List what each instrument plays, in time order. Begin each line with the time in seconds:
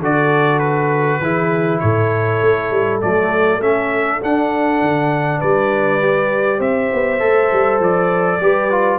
0.00 tuba D3, trombone F#4, horn A4, trumpet D5
0.59 trumpet B4
1.21 tuba E3, trombone E4, horn G#4
1.80 tuba A2, horn A4, trumpet C#5
2.42 tuba A3
2.71 tuba G3
3.02 tuba F#3, trombone A3, trumpet D5
3.60 tuba A3, trombone C#4, trumpet E5
4.22 trombone D4, tuba D4, trumpet F#5
4.82 tuba D3
5.38 tuba G3, horn B4, trumpet D5
6.02 trombone G4
6.58 tuba C4, horn C5, trumpet E5
6.93 tuba B3
7.20 tuba A3, trombone A4
7.53 tuba G3
7.79 tuba F3, trumpet D5
8.41 tuba G3, trombone G4, horn B4
8.71 trombone F4